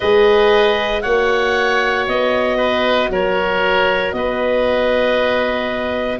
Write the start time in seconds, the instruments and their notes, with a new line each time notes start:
0.00 tuba G#3, horn G#4, oboe B4, clarinet D#5
1.01 tuba A#3, horn F#4, oboe C#5, clarinet F#5
2.07 tuba B3, clarinet D#5
2.57 oboe B4
3.09 tuba F#3, oboe A#4, clarinet C#5
4.12 tuba B3, oboe B4, clarinet D#5